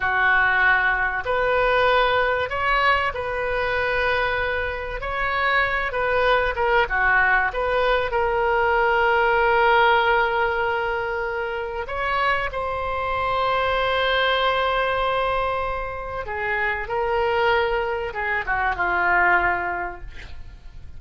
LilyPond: \new Staff \with { instrumentName = "oboe" } { \time 4/4 \tempo 4 = 96 fis'2 b'2 | cis''4 b'2. | cis''4. b'4 ais'8 fis'4 | b'4 ais'2.~ |
ais'2. cis''4 | c''1~ | c''2 gis'4 ais'4~ | ais'4 gis'8 fis'8 f'2 | }